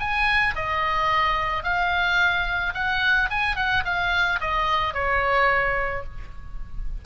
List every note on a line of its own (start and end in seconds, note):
0.00 0.55 G#5
0.56 1.64 D#5
1.64 2.74 F5
2.75 3.30 F#5
3.31 3.56 G#5
3.56 3.84 F#5
3.85 4.40 F5
4.41 4.94 D#5
4.94 6.04 C#5